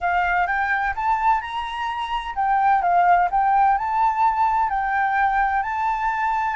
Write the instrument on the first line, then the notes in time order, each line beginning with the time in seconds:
flute
0.00 F5
0.46 G5
0.95 A5
1.41 A#5
2.35 G5
2.82 F5
3.30 G5
3.78 A5
4.69 G5
5.62 A5